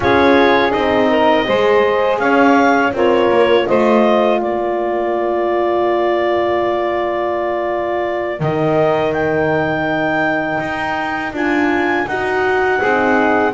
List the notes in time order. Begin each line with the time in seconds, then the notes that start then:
0.00 C#4 F4 G#4 C#5
0.71 C4 D#4 D#5
1.09 A#4
1.44 G#3 G#4 C5
2.18 C#4 C#5 F5
2.93 C4 F4 A#4 C#5
3.30 A#3
3.64 A3 F4 C5 D#5
4.40 A#3 A#4 D5
8.39 D#3 D#4 D#5
9.12 G5
10.59 D#4
11.32 D4 F4 G#5
12.07 D#4 F#4 F#5
12.79 C4 D#4 G#4